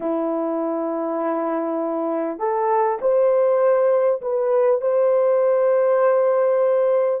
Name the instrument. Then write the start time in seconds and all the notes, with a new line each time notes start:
horn
0.00 E4
2.38 A4
3.01 C5
4.21 B4
4.81 C5